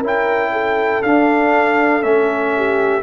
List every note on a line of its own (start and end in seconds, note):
0.00 1.02 C#4
0.00 1.04 E4
0.00 0.50 A#4
0.07 1.03 G5
0.53 2.53 A4
1.03 2.03 D4
1.03 2.02 D4
1.03 2.03 F5
2.02 3.03 A3
2.02 3.02 C#4
2.02 3.03 E5
2.56 3.03 G4